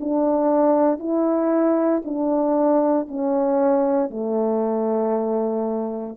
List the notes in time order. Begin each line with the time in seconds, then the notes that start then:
0.00 D4
0.99 E4
2.05 D4
3.08 C#4
4.10 A3